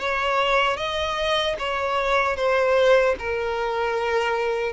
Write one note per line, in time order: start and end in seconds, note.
0.00 0.77 C#5
0.77 1.56 D#5
1.59 2.37 C#5
2.37 3.16 C5
3.19 4.73 A#4